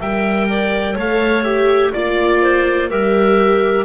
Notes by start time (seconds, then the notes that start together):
0.00 G3 A#4 E5 G5
0.50 D5
0.95 A3 A4 C#5 F5
1.44 G4 E5
1.93 A#3 F4 D5
2.42 C5
2.91 G3 G4 A#4 E5